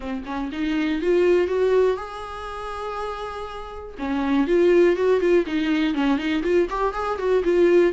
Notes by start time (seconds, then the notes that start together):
0.00 C4
0.25 C#4
0.52 D#4
1.01 F4
1.47 F#4
1.97 G#4
3.98 C#4
4.47 F4
4.96 F#4
5.20 F4
5.46 D#4
5.94 C#4
6.18 D#4
6.43 F4
6.69 G4
6.93 G#4
7.18 F#4
7.44 F4